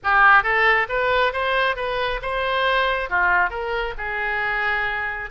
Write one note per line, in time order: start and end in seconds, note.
0.03 0.43 G4
0.43 0.87 A4
0.88 1.32 B4
1.32 1.76 C5
1.76 2.20 B4
2.21 3.09 C5
3.09 3.50 F4
3.50 3.94 A#4
3.97 5.29 G#4